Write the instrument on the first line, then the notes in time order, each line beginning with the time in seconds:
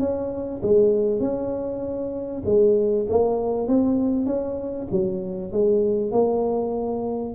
tuba
0.00 C#4
0.63 G#3
1.20 C#4
2.46 G#3
3.10 A#3
3.68 C4
4.27 C#4
4.92 F#3
5.53 G#3
6.12 A#3